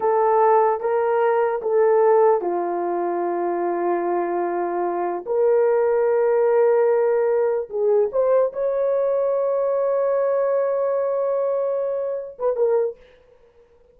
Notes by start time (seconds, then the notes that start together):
0.00 A4
0.80 A#4
1.61 A4
2.41 F4
5.25 A#4
7.69 G#4
8.11 C5
8.52 C#5
12.38 B4
12.55 A#4